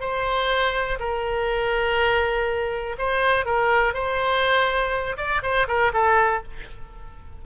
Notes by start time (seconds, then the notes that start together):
0.00 C5
0.99 A#4
2.98 C5
3.45 A#4
3.93 C5
5.17 D5
5.42 C5
5.67 A#4
5.93 A4